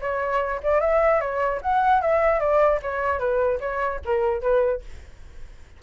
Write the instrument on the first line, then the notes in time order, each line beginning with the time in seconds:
flute
0.00 C#5
0.63 D5
0.80 E5
1.20 C#5
1.61 F#5
2.01 E5
2.40 D5
2.82 C#5
3.19 B4
3.60 C#5
4.05 A#4
4.41 B4